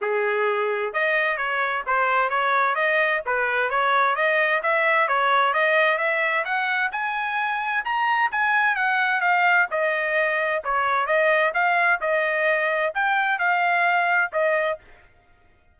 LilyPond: \new Staff \with { instrumentName = "trumpet" } { \time 4/4 \tempo 4 = 130 gis'2 dis''4 cis''4 | c''4 cis''4 dis''4 b'4 | cis''4 dis''4 e''4 cis''4 | dis''4 e''4 fis''4 gis''4~ |
gis''4 ais''4 gis''4 fis''4 | f''4 dis''2 cis''4 | dis''4 f''4 dis''2 | g''4 f''2 dis''4 | }